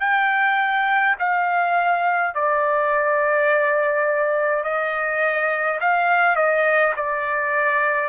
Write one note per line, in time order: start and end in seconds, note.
0.00 1.15 G5
1.19 2.34 F5
2.34 4.64 D5
4.64 5.79 D#5
5.81 6.36 F5
6.36 6.93 D#5
6.96 8.09 D5